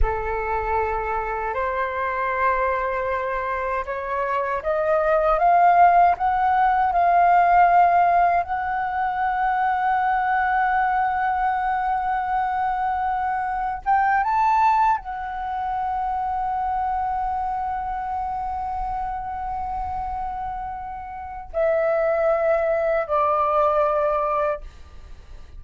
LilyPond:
\new Staff \with { instrumentName = "flute" } { \time 4/4 \tempo 4 = 78 a'2 c''2~ | c''4 cis''4 dis''4 f''4 | fis''4 f''2 fis''4~ | fis''1~ |
fis''2 g''8 a''4 fis''8~ | fis''1~ | fis''1 | e''2 d''2 | }